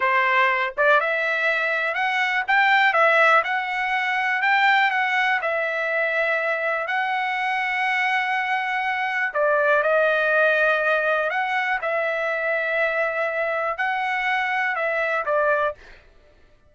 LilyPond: \new Staff \with { instrumentName = "trumpet" } { \time 4/4 \tempo 4 = 122 c''4. d''8 e''2 | fis''4 g''4 e''4 fis''4~ | fis''4 g''4 fis''4 e''4~ | e''2 fis''2~ |
fis''2. d''4 | dis''2. fis''4 | e''1 | fis''2 e''4 d''4 | }